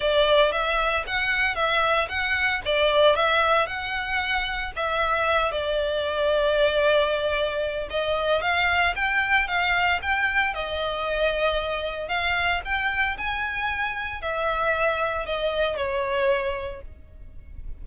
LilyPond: \new Staff \with { instrumentName = "violin" } { \time 4/4 \tempo 4 = 114 d''4 e''4 fis''4 e''4 | fis''4 d''4 e''4 fis''4~ | fis''4 e''4. d''4.~ | d''2. dis''4 |
f''4 g''4 f''4 g''4 | dis''2. f''4 | g''4 gis''2 e''4~ | e''4 dis''4 cis''2 | }